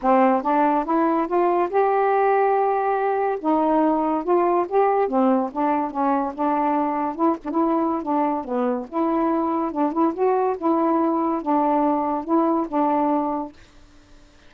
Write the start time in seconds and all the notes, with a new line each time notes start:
0.02 C4
0.42 D4
0.85 E4
1.27 F4
1.69 G4
3.40 D#4
4.23 F4
4.68 G4
5.08 C4
5.51 D4
5.90 C#4
6.34 D4
7.15 E4
7.44 D4
7.50 E4
8.02 D4
8.44 B3
8.88 E4
9.71 D4
9.92 E4
10.14 F#4
10.57 E4
11.42 D4
12.24 E4
12.68 D4